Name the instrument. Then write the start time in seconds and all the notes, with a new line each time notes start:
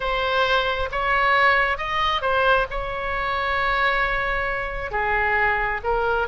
oboe
0.00 C5
0.91 C#5
1.77 D#5
2.21 C5
2.70 C#5
4.91 G#4
5.83 A#4